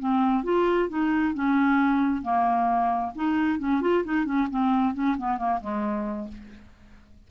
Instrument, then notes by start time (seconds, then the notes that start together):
clarinet
0.00 C4
0.44 F4
0.89 D#4
1.35 C#4
2.22 A#3
3.16 D#4
3.59 C#4
3.82 F4
4.05 D#4
4.26 C#4
4.51 C4
4.94 C#4
5.18 B3
5.38 A#3
5.61 G#3